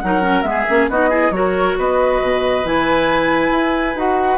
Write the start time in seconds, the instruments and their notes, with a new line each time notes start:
0.00 bassoon F#3, clarinet D#4, oboe A#4, flute F#5
0.22 clarinet C#4
0.42 bassoon G#3, clarinet B3, flute E5
0.50 oboe G#4
0.69 bassoon A#3, clarinet C#4
0.89 bassoon B3, clarinet D#4, oboe F#4, flute D#5
1.10 clarinet E4, oboe G#4
1.30 bassoon F#3, clarinet F#4, oboe A#4, flute C#5
1.78 bassoon B3, oboe B4, flute D#5
2.22 bassoon B2
2.65 bassoon E3, clarinet E4, flute G#5
3.52 bassoon E4
3.95 bassoon D#4, clarinet F#4, flute F#5